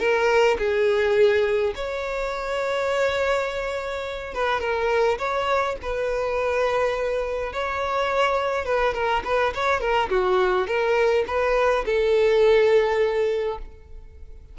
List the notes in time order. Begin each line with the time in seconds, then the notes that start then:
0.00 A#4
0.59 G#4
1.76 C#5
4.35 B4
4.61 A#4
5.19 C#5
5.83 B4
7.53 C#5
8.66 B4
8.94 A#4
9.25 B4
9.55 C#5
9.81 A#4
10.10 F#4
10.68 A#4
11.28 B4
11.86 A4